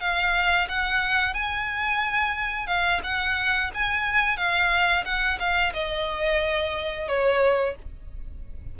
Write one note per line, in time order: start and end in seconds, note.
0.00 0.67 F5
0.68 1.34 F#5
1.34 2.67 G#5
2.67 3.00 F5
3.03 3.71 F#5
3.74 4.37 G#5
4.37 5.04 F5
5.05 5.38 F#5
5.39 5.73 F5
5.73 7.08 D#5
7.08 7.75 C#5